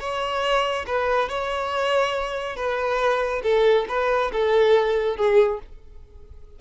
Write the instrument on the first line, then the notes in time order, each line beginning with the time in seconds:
violin
0.00 C#5
0.87 B4
1.29 C#5
2.57 B4
3.43 A4
3.89 B4
4.32 A4
5.17 G#4